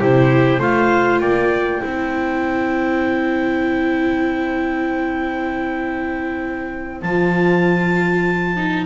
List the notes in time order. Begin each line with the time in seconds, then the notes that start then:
0.00 C3 E4 G4 C5
0.59 A3 F4 C5 F5
1.20 A#3 D5 G5
1.82 C4 E4 C5
7.02 F3 F4 A5
8.57 D#4